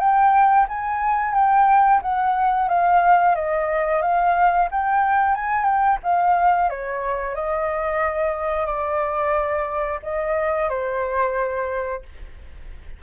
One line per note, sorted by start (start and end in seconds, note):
0.00 0.67 G5
0.68 1.34 G#5
1.34 2.01 G5
2.02 2.68 F#5
2.68 3.35 F5
3.35 4.02 D#5
4.02 4.69 F5
4.71 5.35 G5
5.35 5.65 G#5
5.65 5.98 G5
6.03 6.70 F5
6.70 7.35 C#5
7.35 8.66 D#5
8.66 10.00 D5
10.03 10.69 D#5
10.69 12.02 C5